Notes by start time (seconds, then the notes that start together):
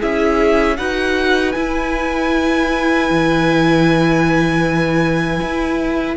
0.00 C#4 E4 G#4 E5
0.77 D#4 F#4 B4 F#5
1.52 E4 G#5
3.10 E3
5.42 E4